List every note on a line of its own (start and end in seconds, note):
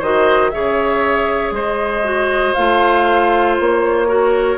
0.00 0.53 D#3
0.00 0.52 F#4
0.00 0.51 C5
0.00 0.50 D#5
0.50 1.51 C#3
0.50 2.04 G#4
0.50 1.55 C#5
0.50 1.52 E5
1.51 2.53 G#3
1.51 4.08 C5
1.51 2.54 D#5
2.04 2.55 F#4
2.54 3.60 A3
2.54 4.08 F4
2.54 3.56 F5
3.60 4.58 A#3
3.60 4.58 C#5
4.08 4.58 F#4
4.08 4.58 A#4